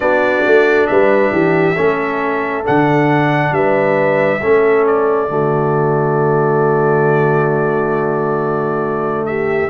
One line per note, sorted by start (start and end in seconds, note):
0.00 0.44 B3
0.00 1.75 D4
0.00 0.88 F#4
0.00 0.87 D5
0.45 0.89 A3
0.87 1.32 G3
0.87 1.32 B4
0.87 2.63 E5
1.32 1.76 E3
1.32 1.75 G4
1.75 2.65 A3
1.75 2.63 C#4
1.75 3.52 A4
2.63 3.51 D3
2.63 4.40 D4
2.63 3.53 F#5
3.51 4.39 G3
3.51 4.41 B4
3.51 4.85 E5
4.41 5.28 A3
4.41 5.27 C#4
4.41 5.29 A4
4.86 9.26 D5
5.27 9.69 D3
5.27 9.68 A3
5.27 9.26 F#4
9.26 9.69 G4
9.26 9.69 E5